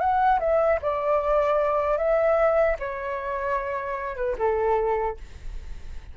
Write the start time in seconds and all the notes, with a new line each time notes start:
0.00 F#5
0.40 E5
0.82 D5
1.98 E5
2.79 C#5
4.16 B4
4.39 A4